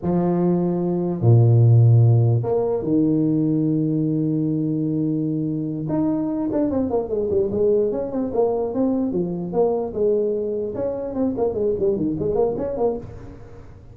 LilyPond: \new Staff \with { instrumentName = "tuba" } { \time 4/4 \tempo 4 = 148 f2. ais,4~ | ais,2 ais4 dis4~ | dis1~ | dis2~ dis8 dis'4. |
d'8 c'8 ais8 gis8 g8 gis4 cis'8 | c'8 ais4 c'4 f4 ais8~ | ais8 gis2 cis'4 c'8 | ais8 gis8 g8 dis8 gis8 ais8 cis'8 ais8 | }